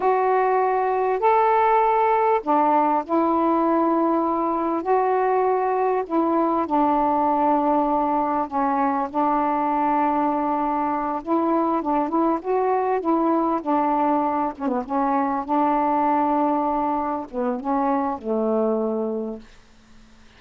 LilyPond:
\new Staff \with { instrumentName = "saxophone" } { \time 4/4 \tempo 4 = 99 fis'2 a'2 | d'4 e'2. | fis'2 e'4 d'4~ | d'2 cis'4 d'4~ |
d'2~ d'8 e'4 d'8 | e'8 fis'4 e'4 d'4. | cis'16 b16 cis'4 d'2~ d'8~ | d'8 b8 cis'4 a2 | }